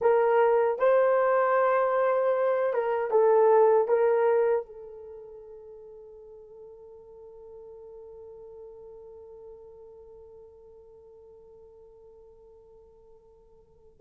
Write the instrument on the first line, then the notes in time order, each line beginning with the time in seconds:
horn
0.01 A#4
0.79 C5
2.73 A#4
3.10 A4
3.87 A#4
4.65 A4